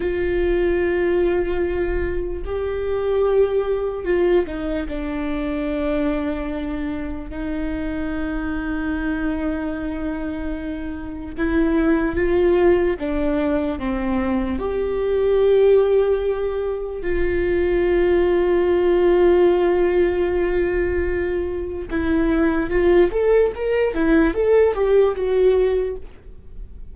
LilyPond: \new Staff \with { instrumentName = "viola" } { \time 4/4 \tempo 4 = 74 f'2. g'4~ | g'4 f'8 dis'8 d'2~ | d'4 dis'2.~ | dis'2 e'4 f'4 |
d'4 c'4 g'2~ | g'4 f'2.~ | f'2. e'4 | f'8 a'8 ais'8 e'8 a'8 g'8 fis'4 | }